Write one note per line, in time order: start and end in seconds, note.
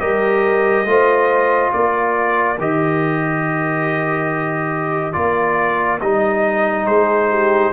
0.00 0.85 G3
0.00 0.86 G4
0.00 0.86 A#4
0.00 1.71 D#5
0.85 1.71 A3
0.85 2.57 F4
0.85 1.74 C5
1.73 2.59 A#3
1.73 6.86 A#4
1.73 2.58 D5
2.59 5.16 D#3
2.59 5.13 G4
2.59 5.13 D#5
5.13 6.01 A#3
5.13 5.99 F4
5.13 5.99 D5
6.01 6.86 G3
6.01 7.72 D#4
6.01 6.87 D#5
6.86 7.72 G#3
6.86 7.29 G#4
6.86 7.72 C5
7.30 7.72 G4